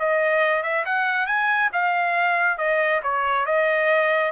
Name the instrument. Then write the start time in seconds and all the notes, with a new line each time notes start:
trumpet
0.00 D#5
0.63 E5
0.86 F#5
1.27 G#5
1.73 F5
2.58 D#5
3.03 C#5
3.46 D#5